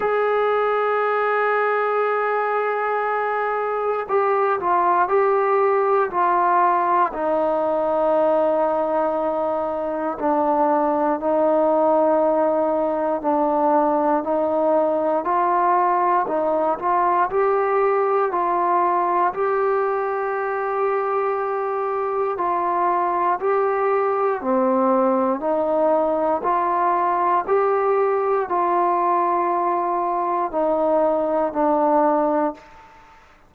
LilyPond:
\new Staff \with { instrumentName = "trombone" } { \time 4/4 \tempo 4 = 59 gis'1 | g'8 f'8 g'4 f'4 dis'4~ | dis'2 d'4 dis'4~ | dis'4 d'4 dis'4 f'4 |
dis'8 f'8 g'4 f'4 g'4~ | g'2 f'4 g'4 | c'4 dis'4 f'4 g'4 | f'2 dis'4 d'4 | }